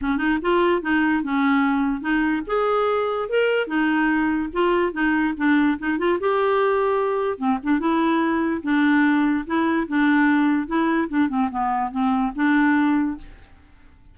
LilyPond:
\new Staff \with { instrumentName = "clarinet" } { \time 4/4 \tempo 4 = 146 cis'8 dis'8 f'4 dis'4 cis'4~ | cis'4 dis'4 gis'2 | ais'4 dis'2 f'4 | dis'4 d'4 dis'8 f'8 g'4~ |
g'2 c'8 d'8 e'4~ | e'4 d'2 e'4 | d'2 e'4 d'8 c'8 | b4 c'4 d'2 | }